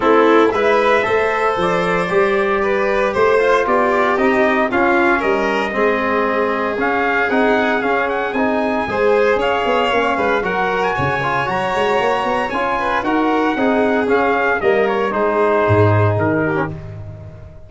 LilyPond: <<
  \new Staff \with { instrumentName = "trumpet" } { \time 4/4 \tempo 4 = 115 a'4 e''2 d''4~ | d''2 c''4 d''4 | dis''4 f''4 dis''2~ | dis''4 f''4 fis''4 f''8 fis''8 |
gis''2 f''2 | fis''8. gis''4~ gis''16 ais''2 | gis''4 fis''2 f''4 | dis''8 cis''8 c''2 ais'4 | }
  \new Staff \with { instrumentName = "violin" } { \time 4/4 e'4 b'4 c''2~ | c''4 b'4 c''4 g'4~ | g'4 f'4 ais'4 gis'4~ | gis'1~ |
gis'4 c''4 cis''4. b'8 | ais'4 cis''2.~ | cis''8 b'8 ais'4 gis'2 | ais'4 gis'2~ gis'8 g'8 | }
  \new Staff \with { instrumentName = "trombone" } { \time 4/4 c'4 e'4 a'2 | g'2~ g'8 f'4. | dis'4 cis'2 c'4~ | c'4 cis'4 dis'4 cis'4 |
dis'4 gis'2 cis'4 | fis'4. f'8 fis'2 | f'4 fis'4 dis'4 cis'4 | ais4 dis'2~ dis'8. cis'16 | }
  \new Staff \with { instrumentName = "tuba" } { \time 4/4 a4 gis4 a4 f4 | g2 a4 b4 | c'4 cis'4 g4 gis4~ | gis4 cis'4 c'4 cis'4 |
c'4 gis4 cis'8 b8 ais8 gis8 | fis4 cis4 fis8 gis8 ais8 b8 | cis'4 dis'4 c'4 cis'4 | g4 gis4 gis,4 dis4 | }
>>